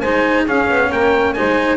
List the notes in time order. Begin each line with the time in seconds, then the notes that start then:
0.00 G#3 D#4 C5 G#5
0.45 C#4 G#4 F5
0.69 B3
0.90 A#3 A#4 G5
1.33 D#4 C5 G#5
1.40 G#3